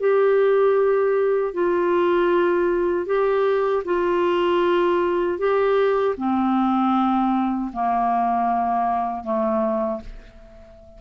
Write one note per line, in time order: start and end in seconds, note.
0.00 1.54 G4
1.54 3.06 F4
3.06 3.83 G4
3.85 5.38 F4
5.38 6.15 G4
6.17 7.71 C4
7.73 9.24 A#3
9.24 10.01 A3